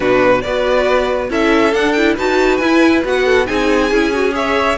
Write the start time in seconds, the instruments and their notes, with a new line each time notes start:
0.00 cello B2, viola D4, violin F#4 B4
0.41 cello B3, viola F#4, violin B4 D5
1.29 cello C#4, viola E4, violin A4 E5
1.73 viola D4, cello D4, violin F#5
1.92 viola E4, violin G5
2.15 cello D#4, viola F#4, violin B4 A5
2.57 cello E4, viola E4, violin G#5
3.04 cello B3, viola F#4, violin F#5
3.24 violin A4
3.46 cello C4, viola D#4, violin G#4 G#5
3.91 cello C#4, viola E4
4.13 viola F#4
4.31 viola G#4, violin C#5 E5